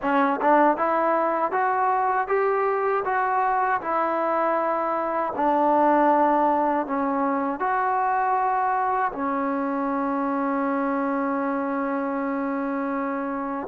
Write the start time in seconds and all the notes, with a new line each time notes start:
0.02 C#4
0.41 D4
0.77 E4
1.51 F#4
2.28 G4
3.04 F#4
3.81 E4
5.35 D4
6.86 C#4
7.59 F#4
9.11 C#4